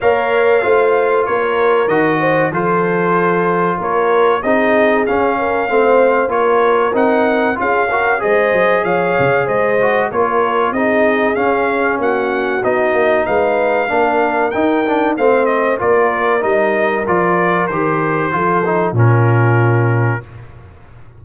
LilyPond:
<<
  \new Staff \with { instrumentName = "trumpet" } { \time 4/4 \tempo 4 = 95 f''2 cis''4 dis''4 | c''2 cis''4 dis''4 | f''2 cis''4 fis''4 | f''4 dis''4 f''4 dis''4 |
cis''4 dis''4 f''4 fis''4 | dis''4 f''2 g''4 | f''8 dis''8 d''4 dis''4 d''4 | c''2 ais'2 | }
  \new Staff \with { instrumentName = "horn" } { \time 4/4 cis''4 c''4 ais'4. c''8 | a'2 ais'4 gis'4~ | gis'8 ais'8 c''4 ais'2 | gis'8 ais'8 c''4 cis''4 c''4 |
ais'4 gis'2 fis'4~ | fis'4 b'4 ais'2 | c''4 ais'2.~ | ais'4 a'4 f'2 | }
  \new Staff \with { instrumentName = "trombone" } { \time 4/4 ais'4 f'2 fis'4 | f'2. dis'4 | cis'4 c'4 f'4 dis'4 | f'8 fis'8 gis'2~ gis'8 fis'8 |
f'4 dis'4 cis'2 | dis'2 d'4 dis'8 d'8 | c'4 f'4 dis'4 f'4 | g'4 f'8 dis'8 cis'2 | }
  \new Staff \with { instrumentName = "tuba" } { \time 4/4 ais4 a4 ais4 dis4 | f2 ais4 c'4 | cis'4 a4 ais4 c'4 | cis'4 gis8 fis8 f8 cis8 gis4 |
ais4 c'4 cis'4 ais4 | b8 ais8 gis4 ais4 dis'4 | a4 ais4 g4 f4 | dis4 f4 ais,2 | }
>>